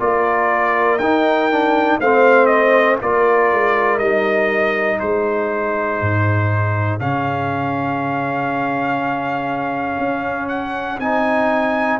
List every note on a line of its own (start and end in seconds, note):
0.00 1.00 A#3
0.00 1.00 F4
0.00 2.01 A#4
0.00 0.99 D5
0.99 2.00 D#4
0.99 1.51 D#4
0.99 1.99 G5
1.51 2.01 D4
2.01 3.01 A3
2.01 3.02 C4
2.01 3.01 C5
2.01 2.46 F5
2.46 2.96 D#5
3.02 3.52 A#3
3.02 4.01 F4
3.02 4.99 A#4
3.02 3.99 D5
3.53 4.00 G#3
3.99 5.00 G3
3.99 7.01 D#4
3.99 4.99 D#5
4.99 6.01 G#3
4.99 11.99 G#4
4.99 7.00 C5
6.01 7.01 G#2
7.00 9.99 C#3
7.00 11.01 C#4
7.00 10.49 F5
9.99 10.99 C#4
10.49 10.99 F#5
10.99 11.99 C4
10.99 12.00 D#4
10.99 12.00 G#5